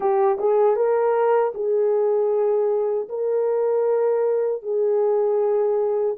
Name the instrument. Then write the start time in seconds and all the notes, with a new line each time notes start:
horn
0.00 G4
0.38 G#4
0.76 A#4
1.54 G#4
3.08 A#4
4.62 G#4